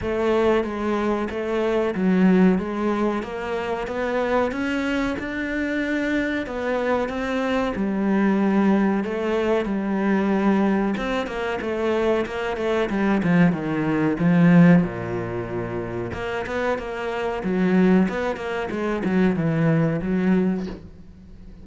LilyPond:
\new Staff \with { instrumentName = "cello" } { \time 4/4 \tempo 4 = 93 a4 gis4 a4 fis4 | gis4 ais4 b4 cis'4 | d'2 b4 c'4 | g2 a4 g4~ |
g4 c'8 ais8 a4 ais8 a8 | g8 f8 dis4 f4 ais,4~ | ais,4 ais8 b8 ais4 fis4 | b8 ais8 gis8 fis8 e4 fis4 | }